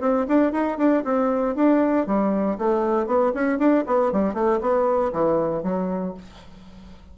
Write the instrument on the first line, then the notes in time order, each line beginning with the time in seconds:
bassoon
0.00 C4
0.28 D4
0.52 D#4
0.77 D4
1.04 C4
1.55 D4
2.06 G3
2.58 A3
3.06 B3
3.34 C#4
3.58 D4
3.86 B3
4.12 G3
4.33 A3
4.61 B3
5.12 E3
5.63 F#3